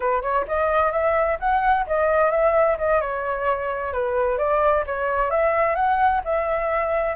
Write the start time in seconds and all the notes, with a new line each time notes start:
0.00 B4
0.22 C#5
0.47 D#5
0.91 E5
1.39 F#5
1.86 D#5
2.31 E5
2.78 D#5
3.00 C#5
3.92 B4
4.38 D5
4.86 C#5
5.30 E5
5.75 F#5
6.24 E5